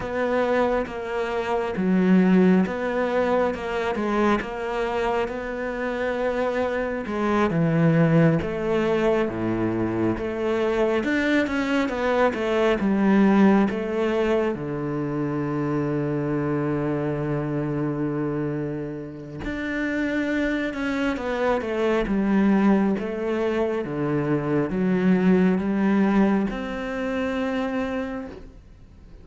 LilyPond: \new Staff \with { instrumentName = "cello" } { \time 4/4 \tempo 4 = 68 b4 ais4 fis4 b4 | ais8 gis8 ais4 b2 | gis8 e4 a4 a,4 a8~ | a8 d'8 cis'8 b8 a8 g4 a8~ |
a8 d2.~ d8~ | d2 d'4. cis'8 | b8 a8 g4 a4 d4 | fis4 g4 c'2 | }